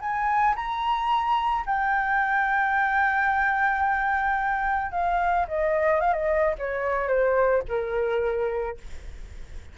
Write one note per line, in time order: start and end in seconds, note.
0.00 0.55 G#5
0.55 1.64 A#5
1.66 4.91 G5
4.91 5.46 F5
5.48 6.00 D#5
6.00 6.13 F5
6.13 6.54 D#5
6.58 7.07 C#5
7.07 7.62 C5
7.68 8.77 A#4